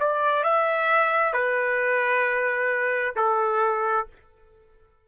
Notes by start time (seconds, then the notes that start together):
0.00 D5
0.43 E5
1.33 B4
3.16 A4